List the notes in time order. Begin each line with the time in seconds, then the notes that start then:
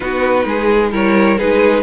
0.00 B3 D#4 F#4 B4
0.45 G#3 G#4
0.91 G3 E4 A#4 C#5
1.37 G#3 D#4 G#4 B4